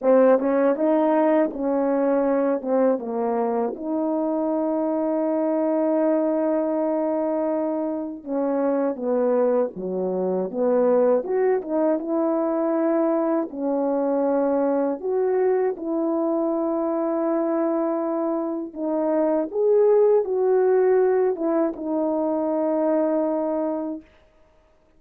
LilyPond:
\new Staff \with { instrumentName = "horn" } { \time 4/4 \tempo 4 = 80 c'8 cis'8 dis'4 cis'4. c'8 | ais4 dis'2.~ | dis'2. cis'4 | b4 fis4 b4 fis'8 dis'8 |
e'2 cis'2 | fis'4 e'2.~ | e'4 dis'4 gis'4 fis'4~ | fis'8 e'8 dis'2. | }